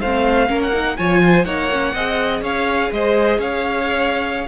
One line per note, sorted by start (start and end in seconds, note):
0.00 0.49 A3
0.00 0.48 C4
0.00 0.48 C5
0.00 0.61 F5
0.48 0.98 A#3
0.48 0.72 C#4
0.48 0.97 A#4
0.62 0.97 F#5
0.73 0.97 D#4
0.97 1.45 F3
0.97 1.45 F4
0.97 1.21 C#5
0.97 1.45 G#5
1.21 1.45 C5
1.45 1.93 A#3
1.45 1.70 D#4
1.45 1.94 C#5
1.45 2.42 F#5
1.71 1.95 C#4
1.94 2.41 C4
1.94 4.47 G#4
1.94 2.42 D#5
2.41 2.90 C#4
2.41 2.90 C#5
2.41 2.92 F5
2.92 3.38 G#3
2.92 3.38 C5
2.92 3.41 D#5
3.38 4.47 C#4
3.38 4.47 C#5
3.38 4.47 F5